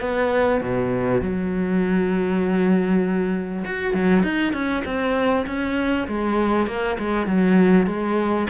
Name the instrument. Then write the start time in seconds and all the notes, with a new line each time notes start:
cello
0.00 B3
0.61 B2
1.21 F#3
3.65 F#4
3.93 F#3
4.23 D#4
4.53 C#4
4.85 C4
5.47 C#4
6.08 G#3
6.67 A#3
6.98 G#3
7.26 F#3
7.87 G#3